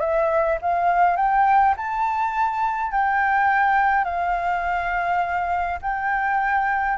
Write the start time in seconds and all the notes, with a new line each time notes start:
0.00 E5
0.61 F5
1.16 G5
1.77 A5
2.92 G5
4.04 F5
5.81 G5